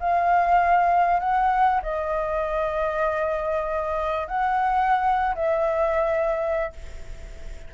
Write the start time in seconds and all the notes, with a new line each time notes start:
0.00 F5
1.20 F#5
1.83 D#5
4.28 F#5
5.35 E5